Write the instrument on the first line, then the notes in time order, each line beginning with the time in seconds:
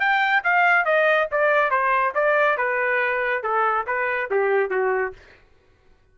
trumpet
0.00 G5
0.44 F5
0.85 D#5
1.32 D5
1.71 C5
2.15 D5
2.58 B4
3.43 A4
3.87 B4
4.31 G4
4.70 F#4